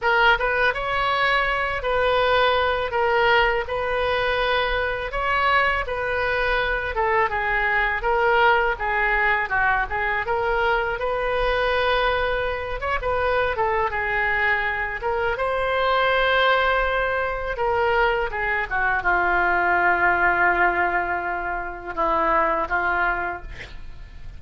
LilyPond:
\new Staff \with { instrumentName = "oboe" } { \time 4/4 \tempo 4 = 82 ais'8 b'8 cis''4. b'4. | ais'4 b'2 cis''4 | b'4. a'8 gis'4 ais'4 | gis'4 fis'8 gis'8 ais'4 b'4~ |
b'4. cis''16 b'8. a'8 gis'4~ | gis'8 ais'8 c''2. | ais'4 gis'8 fis'8 f'2~ | f'2 e'4 f'4 | }